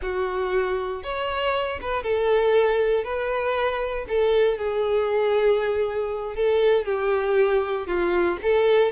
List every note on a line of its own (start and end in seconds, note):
0.01 1.03 F#4
1.03 1.79 C#5
1.81 2.03 B4
2.03 3.03 A4
3.03 4.05 B4
4.08 4.58 A4
4.58 6.35 G#4
6.35 6.85 A4
6.85 7.86 G4
7.87 8.37 F4
8.42 8.91 A4